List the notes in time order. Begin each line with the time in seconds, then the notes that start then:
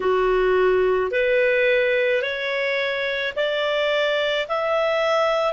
0.00 F#4
1.11 B4
2.22 C#5
3.35 D5
4.48 E5